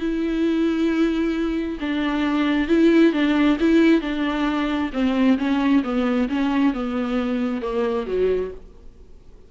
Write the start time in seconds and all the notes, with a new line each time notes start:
0.00 E4
1.81 D4
2.68 E4
3.13 D4
3.61 E4
4.02 D4
4.93 C4
5.39 C#4
5.84 B3
6.29 C#4
6.74 B3
7.62 A#3
8.07 F#3